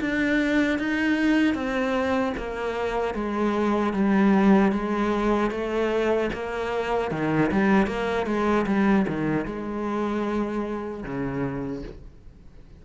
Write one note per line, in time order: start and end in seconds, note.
0.00 0.79 D4
0.79 1.54 D#4
1.54 2.33 C4
2.37 3.14 A#3
3.14 3.93 G#3
3.93 4.72 G3
4.72 5.51 G#3
5.51 6.30 A3
6.33 7.11 A#3
7.11 7.50 D#3
7.51 7.87 G3
7.87 8.26 A#3
8.26 8.66 G#3
8.66 9.06 G3
9.07 9.46 D#3
9.46 11.03 G#3
11.03 11.82 C#3